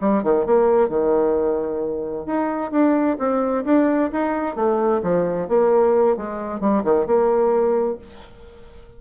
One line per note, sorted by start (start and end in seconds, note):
0.00 0.23 G3
0.23 0.46 D#3
0.46 0.88 A#3
0.88 2.26 D#3
2.26 2.71 D#4
2.71 3.17 D4
3.19 3.64 C4
3.65 4.11 D4
4.12 4.55 D#4
4.55 5.01 A3
5.03 5.48 F3
5.48 6.17 A#3
6.17 6.60 G#3
6.60 6.83 G3
6.84 7.06 D#3
7.06 7.98 A#3